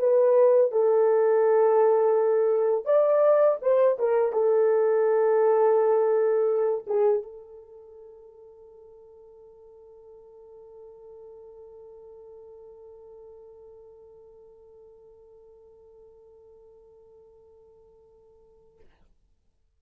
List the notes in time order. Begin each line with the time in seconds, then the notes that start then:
0.00 B4
0.72 A4
2.86 D5
3.62 C5
4.00 A#4
4.33 A4
6.87 G#4
7.24 A4